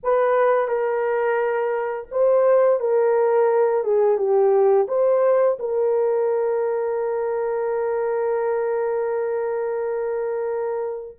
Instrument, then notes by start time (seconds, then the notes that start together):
horn
0.03 B4
0.68 A#4
2.11 C5
2.80 A#4
3.83 G#4
4.17 G4
4.88 C5
5.59 A#4